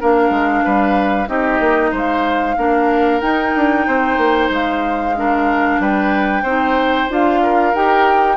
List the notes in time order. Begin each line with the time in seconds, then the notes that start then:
0.00 A#3 D4 A#4 F5
0.29 G#3
0.64 G3 B4
1.27 C4 D#4 G4 D#5
1.59 A#3
1.90 G#3 C5 F5
2.57 A#3 D4 A#4
3.20 D#4 G5
3.55 D4
3.87 C4 C5
4.17 A#3
4.49 G#3 F5
5.15 D4 A#4
5.79 G3 B4 G5
6.42 C4 D#4 C5
7.09 D4 F4 F5
7.42 A#4
7.74 D#4 G4 G5